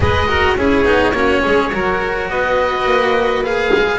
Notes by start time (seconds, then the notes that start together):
0.00 G#3 G#4 B4 D#5
0.27 F#4 A#4
0.56 C#4 E4 G#4 C#5
0.84 B3 D#4
1.12 A#3 C#4 F#4
1.42 G#3 G#4
1.72 F#3 F#4 A#4
2.29 B3 B4 D#5
2.85 A#3
3.43 G#4 F5
3.73 G#3